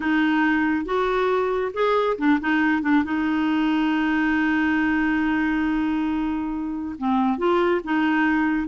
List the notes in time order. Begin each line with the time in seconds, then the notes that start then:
0.00 D#4
0.85 F#4
1.73 G#4
2.17 D4
2.40 D#4
2.82 D4
3.04 D#4
6.98 C4
7.37 F4
7.84 D#4